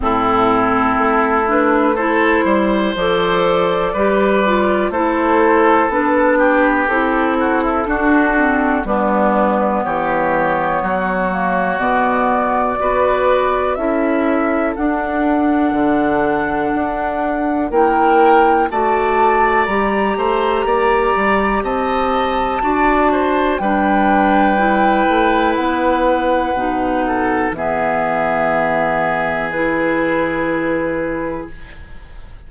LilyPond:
<<
  \new Staff \with { instrumentName = "flute" } { \time 4/4 \tempo 4 = 61 a'4. b'8 c''4 d''4~ | d''4 c''4 b'4 a'4~ | a'4 b'4 cis''2 | d''2 e''4 fis''4~ |
fis''2 g''4 a''4 | ais''2 a''2 | g''2 fis''2 | e''2 b'2 | }
  \new Staff \with { instrumentName = "oboe" } { \time 4/4 e'2 a'8 c''4. | b'4 a'4. g'4 fis'16 e'16 | fis'4 d'4 g'4 fis'4~ | fis'4 b'4 a'2~ |
a'2 ais'4 d''4~ | d''8 c''8 d''4 dis''4 d''8 c''8 | b'2.~ b'8 a'8 | gis'1 | }
  \new Staff \with { instrumentName = "clarinet" } { \time 4/4 c'4. d'8 e'4 a'4 | g'8 f'8 e'4 d'4 e'4 | d'8 c'8 b2~ b8 ais8 | b4 fis'4 e'4 d'4~ |
d'2 e'4 fis'4 | g'2. fis'4 | d'4 e'2 dis'4 | b2 e'2 | }
  \new Staff \with { instrumentName = "bassoon" } { \time 4/4 a,4 a4. g8 f4 | g4 a4 b4 c'4 | d'4 g4 e4 fis4 | b,4 b4 cis'4 d'4 |
d4 d'4 ais4 a4 | g8 a8 ais8 g8 c'4 d'4 | g4. a8 b4 b,4 | e1 | }
>>